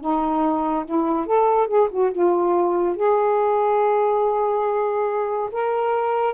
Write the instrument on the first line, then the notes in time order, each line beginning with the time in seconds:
saxophone
0.00 D#4
0.85 E4
1.26 A4
1.67 G#4
1.90 F#4
2.11 F4
2.96 G#4
5.52 A#4